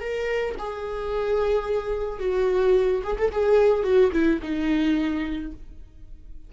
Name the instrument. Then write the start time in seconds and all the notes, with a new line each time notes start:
viola
0.00 A#4
0.59 G#4
2.19 F#4
3.03 G#4
3.18 A4
3.32 G#4
3.83 F#4
4.12 E4
4.42 D#4